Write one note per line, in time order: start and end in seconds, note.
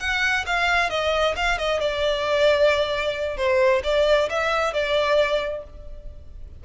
0.00 0.45 F#5
0.47 0.90 F5
0.90 1.35 D#5
1.37 1.58 F5
1.58 1.80 D#5
1.80 3.37 D5
3.37 3.82 C5
3.84 4.29 D5
4.29 4.73 E5
4.73 5.64 D5